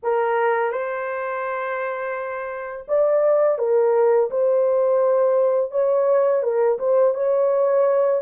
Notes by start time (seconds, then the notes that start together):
0.02 A#4
0.71 C5
2.87 D5
3.58 A#4
4.30 C5
5.71 C#5
6.43 A#4
6.79 C5
7.14 C#5